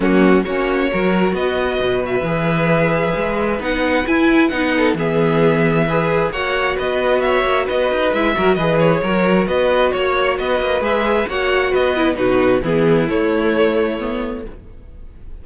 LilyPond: <<
  \new Staff \with { instrumentName = "violin" } { \time 4/4 \tempo 4 = 133 fis'4 cis''2 dis''4~ | dis''8 e''2.~ e''8 | fis''4 gis''4 fis''4 e''4~ | e''2 fis''4 dis''4 |
e''4 dis''4 e''4 dis''8 cis''8~ | cis''4 dis''4 cis''4 dis''4 | e''4 fis''4 dis''4 b'4 | gis'4 cis''2. | }
  \new Staff \with { instrumentName = "violin" } { \time 4/4 cis'4 fis'4 ais'4 b'4~ | b'1~ | b'2~ b'8 a'8 gis'4~ | gis'4 b'4 cis''4 b'4 |
cis''4 b'4. ais'8 b'4 | ais'4 b'4 cis''4 b'4~ | b'4 cis''4 b'4 fis'4 | e'1 | }
  \new Staff \with { instrumentName = "viola" } { \time 4/4 ais4 cis'4 fis'2~ | fis'4 gis'2. | dis'4 e'4 dis'4 b4~ | b4 gis'4 fis'2~ |
fis'2 e'8 fis'8 gis'4 | fis'1 | gis'4 fis'4. e'8 dis'4 | b4 a2 b4 | }
  \new Staff \with { instrumentName = "cello" } { \time 4/4 fis4 ais4 fis4 b4 | b,4 e2 gis4 | b4 e'4 b4 e4~ | e2 ais4 b4~ |
b8 ais8 b8 dis'8 gis8 fis8 e4 | fis4 b4 ais4 b8 ais8 | gis4 ais4 b4 b,4 | e4 a2. | }
>>